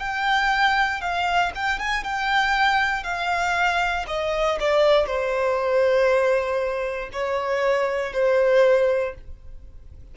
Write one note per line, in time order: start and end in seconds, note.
0.00 1.01 G5
1.01 1.52 F5
1.55 1.80 G5
1.80 2.04 G#5
2.04 3.04 G5
3.04 4.06 F5
4.08 4.59 D#5
4.60 5.07 D5
5.07 7.10 C5
7.13 8.14 C#5
8.14 9.15 C5